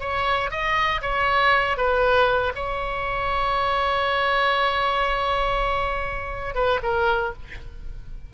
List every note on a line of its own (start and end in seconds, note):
0.00 0.50 C#5
0.51 1.02 D#5
1.02 1.77 C#5
1.77 2.53 B4
2.55 6.55 C#5
6.55 6.80 B4
6.83 7.33 A#4